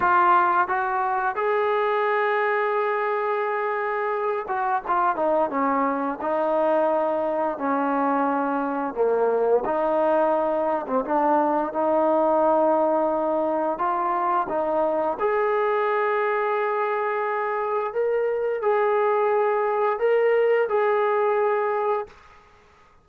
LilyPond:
\new Staff \with { instrumentName = "trombone" } { \time 4/4 \tempo 4 = 87 f'4 fis'4 gis'2~ | gis'2~ gis'8 fis'8 f'8 dis'8 | cis'4 dis'2 cis'4~ | cis'4 ais4 dis'4.~ dis'16 c'16 |
d'4 dis'2. | f'4 dis'4 gis'2~ | gis'2 ais'4 gis'4~ | gis'4 ais'4 gis'2 | }